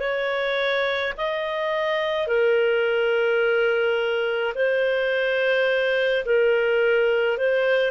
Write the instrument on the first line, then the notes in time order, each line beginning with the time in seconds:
clarinet
0.00 C#5
1.18 D#5
2.27 A#4
4.55 C5
6.26 A#4
7.38 C5